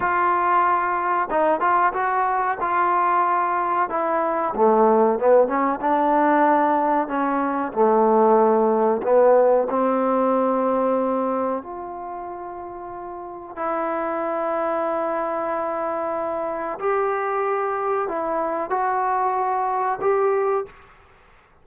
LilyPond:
\new Staff \with { instrumentName = "trombone" } { \time 4/4 \tempo 4 = 93 f'2 dis'8 f'8 fis'4 | f'2 e'4 a4 | b8 cis'8 d'2 cis'4 | a2 b4 c'4~ |
c'2 f'2~ | f'4 e'2.~ | e'2 g'2 | e'4 fis'2 g'4 | }